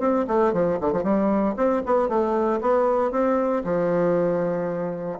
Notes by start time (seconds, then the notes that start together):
0.00 C4
0.27 A3
0.53 F3
0.80 D3
0.93 F3
1.03 G3
1.56 C4
1.86 B3
2.09 A3
2.61 B3
3.11 C4
3.64 F3